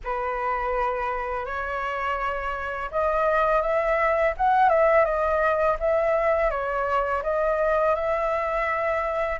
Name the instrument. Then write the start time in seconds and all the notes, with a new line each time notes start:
flute
0.04 B4
1.45 C#5
2.91 D#5
3.61 E5
4.37 F#5
4.69 E5
5.04 D#5
5.79 E5
6.50 C#5
7.23 D#5
7.95 E5